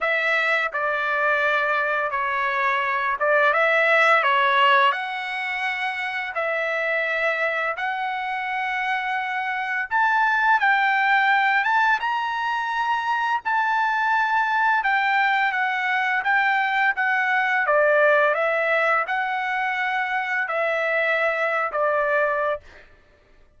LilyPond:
\new Staff \with { instrumentName = "trumpet" } { \time 4/4 \tempo 4 = 85 e''4 d''2 cis''4~ | cis''8 d''8 e''4 cis''4 fis''4~ | fis''4 e''2 fis''4~ | fis''2 a''4 g''4~ |
g''8 a''8 ais''2 a''4~ | a''4 g''4 fis''4 g''4 | fis''4 d''4 e''4 fis''4~ | fis''4 e''4.~ e''16 d''4~ d''16 | }